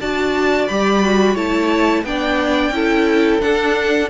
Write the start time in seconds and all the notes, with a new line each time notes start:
0.00 D4 F#4 D5 A5
0.68 G3 G4 B5
1.03 F#4
1.33 A3 E4 C#5 A5
2.04 B3 D4 D5 G5
2.70 C#4 E4 A4
3.41 D4 F#5